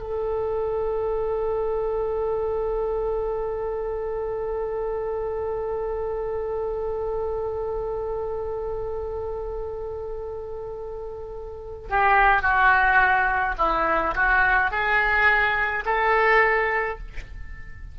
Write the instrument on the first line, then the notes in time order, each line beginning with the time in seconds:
oboe
0.00 A4
11.89 G4
12.42 F#4
13.58 E4
14.15 F#4
14.71 G#4
15.85 A4